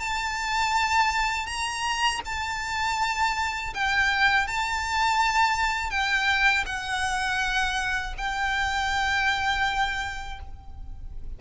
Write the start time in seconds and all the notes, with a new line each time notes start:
0.00 A5
1.46 A#5
2.25 A5
3.74 G5
4.47 A5
5.91 G5
6.66 F#5
8.18 G5